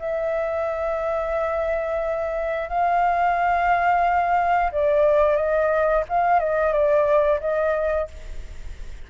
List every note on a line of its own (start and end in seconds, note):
0.00 2.69 E5
2.69 4.71 F5
4.72 5.36 D5
5.36 6.04 D#5
6.09 6.40 F5
6.40 6.73 D#5
6.73 7.40 D5
7.41 8.08 D#5